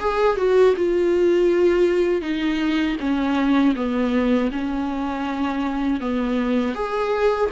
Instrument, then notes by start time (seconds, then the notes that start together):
viola
0.00 G#4
0.37 F#4
0.76 F4
2.22 D#4
3.00 C#4
3.75 B3
4.52 C#4
6.00 B3
6.75 G#4